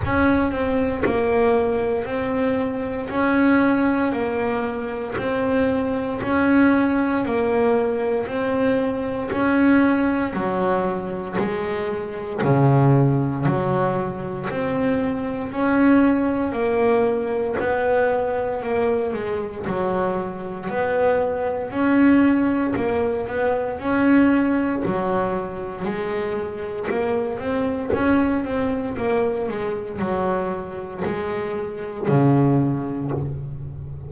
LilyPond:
\new Staff \with { instrumentName = "double bass" } { \time 4/4 \tempo 4 = 58 cis'8 c'8 ais4 c'4 cis'4 | ais4 c'4 cis'4 ais4 | c'4 cis'4 fis4 gis4 | cis4 fis4 c'4 cis'4 |
ais4 b4 ais8 gis8 fis4 | b4 cis'4 ais8 b8 cis'4 | fis4 gis4 ais8 c'8 cis'8 c'8 | ais8 gis8 fis4 gis4 cis4 | }